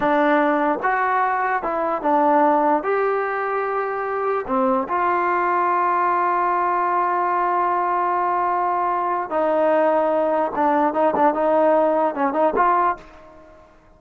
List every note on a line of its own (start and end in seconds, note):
0.00 0.79 D4
0.82 1.62 F#4
1.62 2.02 E4
2.02 2.83 D4
2.83 4.45 G4
4.47 4.87 C4
4.88 9.30 F4
9.30 10.51 D#4
10.55 10.93 D4
10.93 11.14 D#4
11.15 11.34 D4
11.34 12.14 D#4
12.14 12.33 C#4
12.33 12.53 D#4
12.56 12.96 F4